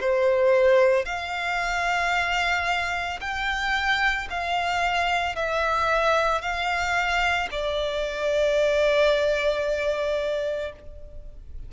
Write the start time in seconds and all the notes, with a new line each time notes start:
0.00 C5
1.05 F5
3.21 G5
4.30 F5
5.35 E5
6.41 F5
7.51 D5